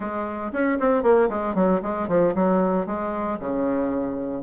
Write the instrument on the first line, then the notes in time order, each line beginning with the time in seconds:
bassoon
0.00 G#3
0.52 C#4
0.79 C4
1.02 A#3
1.29 G#3
1.54 F#3
1.82 G#3
2.08 F3
2.34 F#3
2.86 G#3
3.39 C#3